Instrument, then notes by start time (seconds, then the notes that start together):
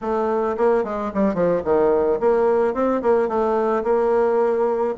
bassoon
0.01 A3
0.57 A#3
0.84 G#3
1.14 G3
1.34 F3
1.64 D#3
2.20 A#3
2.74 C4
3.02 A#3
3.28 A3
3.83 A#3